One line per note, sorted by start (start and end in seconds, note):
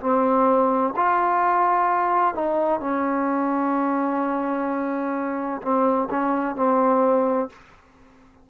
0.00 0.94 C4
0.96 2.34 F4
2.34 2.80 D#4
2.80 5.61 C#4
5.62 6.09 C4
6.10 6.55 C#4
6.55 7.49 C4